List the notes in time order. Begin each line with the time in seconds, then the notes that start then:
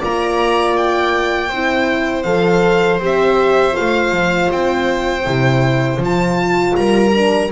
0.00 A#3 F4 D5 A#5
0.77 G5
1.49 C4 E4 C5
2.23 F3 A4 F5
3.00 C4 G4
3.06 E5
3.73 F4 F5
3.80 A3
4.11 F3
4.52 C4 G5
5.25 C3 E4
5.98 F3 F4
6.05 A5
6.76 G3 A#4 A#5
7.15 D4